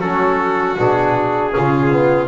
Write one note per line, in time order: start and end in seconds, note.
0.00 0.77 F#3
0.00 0.77 C#4
0.00 1.52 F#4
0.00 0.76 A4
0.78 1.55 B2
0.78 1.52 D4
0.78 2.28 G#4
1.52 2.28 C#3
1.52 1.90 C#4
1.52 2.28 F4
1.92 2.28 B3